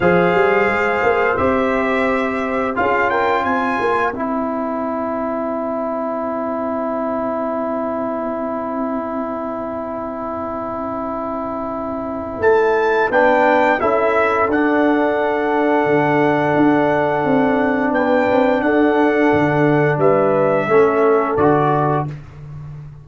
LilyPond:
<<
  \new Staff \with { instrumentName = "trumpet" } { \time 4/4 \tempo 4 = 87 f''2 e''2 | f''8 g''8 gis''4 g''2~ | g''1~ | g''1~ |
g''2 a''4 g''4 | e''4 fis''2.~ | fis''2 g''4 fis''4~ | fis''4 e''2 d''4 | }
  \new Staff \with { instrumentName = "horn" } { \time 4/4 c''1 | gis'8 ais'8 c''2.~ | c''1~ | c''1~ |
c''2. b'4 | a'1~ | a'2 b'4 a'4~ | a'4 b'4 a'2 | }
  \new Staff \with { instrumentName = "trombone" } { \time 4/4 gis'2 g'2 | f'2 e'2~ | e'1~ | e'1~ |
e'2. d'4 | e'4 d'2.~ | d'1~ | d'2 cis'4 fis'4 | }
  \new Staff \with { instrumentName = "tuba" } { \time 4/4 f8 g8 gis8 ais8 c'2 | cis'4 c'8 ais8 c'2~ | c'1~ | c'1~ |
c'2 a4 b4 | cis'4 d'2 d4 | d'4 c'4 b8 c'8 d'4 | d4 g4 a4 d4 | }
>>